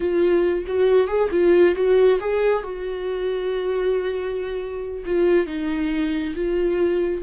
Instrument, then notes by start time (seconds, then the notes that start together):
viola
0.00 F4
0.66 F#4
1.07 G#4
1.31 F4
1.75 F#4
2.19 G#4
2.63 F#4
5.05 F4
5.46 D#4
6.35 F4